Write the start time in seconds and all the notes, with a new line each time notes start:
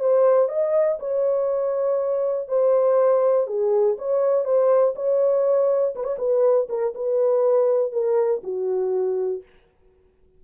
0.00 C5
0.49 D#5
0.99 C#5
2.48 C5
3.47 G#4
3.98 C#5
4.44 C5
4.95 C#5
5.95 B4
6.04 C#5
6.18 B4
6.69 A#4
6.94 B4
7.92 A#4
8.43 F#4